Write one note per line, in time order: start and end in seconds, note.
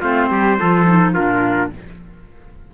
0.00 0.30 A3
0.00 0.58 C4
0.00 0.28 F4
0.00 1.14 C5
0.30 0.58 G3
0.30 0.59 G4
0.58 1.17 F3
0.58 0.86 F4
0.58 1.14 A4
0.86 1.15 D#4
1.14 1.73 A#2
1.14 1.71 D4
1.14 1.70 F4
1.14 1.71 A#4